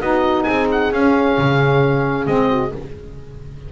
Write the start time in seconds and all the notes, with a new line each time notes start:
0.00 B3 D#4 F#4 D#5
0.43 C4 G#4 G#5
0.71 F#5
0.92 C#4 F5
1.37 C#3
2.26 G#3 C4 D#5
2.49 F#4